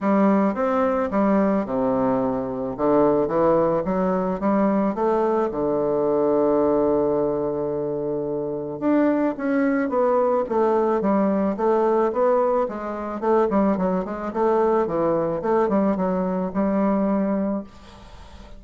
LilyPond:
\new Staff \with { instrumentName = "bassoon" } { \time 4/4 \tempo 4 = 109 g4 c'4 g4 c4~ | c4 d4 e4 fis4 | g4 a4 d2~ | d1 |
d'4 cis'4 b4 a4 | g4 a4 b4 gis4 | a8 g8 fis8 gis8 a4 e4 | a8 g8 fis4 g2 | }